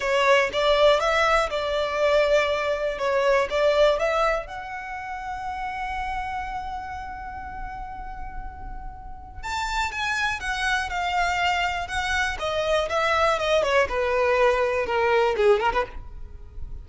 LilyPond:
\new Staff \with { instrumentName = "violin" } { \time 4/4 \tempo 4 = 121 cis''4 d''4 e''4 d''4~ | d''2 cis''4 d''4 | e''4 fis''2.~ | fis''1~ |
fis''2. a''4 | gis''4 fis''4 f''2 | fis''4 dis''4 e''4 dis''8 cis''8 | b'2 ais'4 gis'8 ais'16 b'16 | }